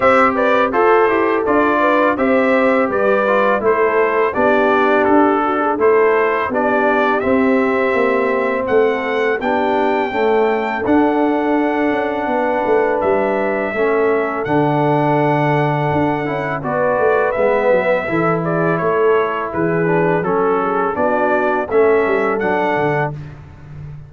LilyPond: <<
  \new Staff \with { instrumentName = "trumpet" } { \time 4/4 \tempo 4 = 83 e''8 d''8 c''4 d''4 e''4 | d''4 c''4 d''4 a'4 | c''4 d''4 e''2 | fis''4 g''2 fis''4~ |
fis''2 e''2 | fis''2. d''4 | e''4. d''8 cis''4 b'4 | a'4 d''4 e''4 fis''4 | }
  \new Staff \with { instrumentName = "horn" } { \time 4/4 c''8 b'8 a'4. b'8 c''4 | b'4 a'4 g'4. fis'16 gis'16 | a'4 g'2. | a'4 g'4 a'2~ |
a'4 b'2 a'4~ | a'2. b'4~ | b'4 a'8 gis'8 a'4 gis'4 | a'8 gis'8 fis'4 a'2 | }
  \new Staff \with { instrumentName = "trombone" } { \time 4/4 g'4 a'8 g'8 f'4 g'4~ | g'8 f'8 e'4 d'2 | e'4 d'4 c'2~ | c'4 d'4 a4 d'4~ |
d'2. cis'4 | d'2~ d'8 e'8 fis'4 | b4 e'2~ e'8 d'8 | cis'4 d'4 cis'4 d'4 | }
  \new Staff \with { instrumentName = "tuba" } { \time 4/4 c'4 f'8 e'8 d'4 c'4 | g4 a4 b4 d'4 | a4 b4 c'4 ais4 | a4 b4 cis'4 d'4~ |
d'8 cis'8 b8 a8 g4 a4 | d2 d'8 cis'8 b8 a8 | gis8 fis8 e4 a4 e4 | fis4 b4 a8 g8 fis8 d8 | }
>>